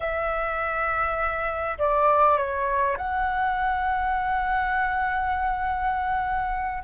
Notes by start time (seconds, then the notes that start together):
0.00 E5
1.78 D5
2.37 C#5
2.97 F#5